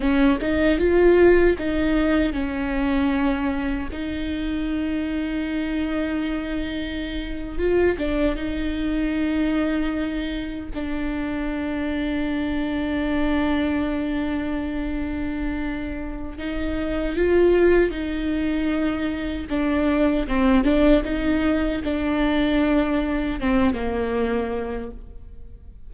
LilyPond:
\new Staff \with { instrumentName = "viola" } { \time 4/4 \tempo 4 = 77 cis'8 dis'8 f'4 dis'4 cis'4~ | cis'4 dis'2.~ | dis'4.~ dis'16 f'8 d'8 dis'4~ dis'16~ | dis'4.~ dis'16 d'2~ d'16~ |
d'1~ | d'4 dis'4 f'4 dis'4~ | dis'4 d'4 c'8 d'8 dis'4 | d'2 c'8 ais4. | }